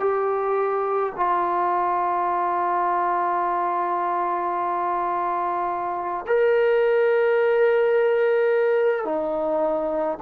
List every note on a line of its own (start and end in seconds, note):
0.00 1.13 G4
1.16 6.26 F4
6.27 9.05 A#4
9.05 10.18 D#4